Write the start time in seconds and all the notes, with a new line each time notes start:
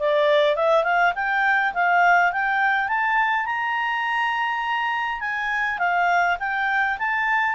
0.00 D5
0.56 E5
0.84 F5
1.16 G5
1.74 F5
2.32 G5
2.89 A5
3.46 A#5
5.21 G#5
5.79 F5
6.40 G5
6.99 A5